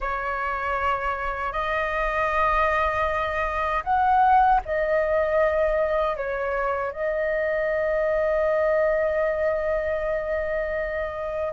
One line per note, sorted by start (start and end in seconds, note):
0.00 1.52 C#5
1.52 3.83 D#5
3.83 4.60 F#5
4.65 6.16 D#5
6.16 6.92 C#5
6.92 11.53 D#5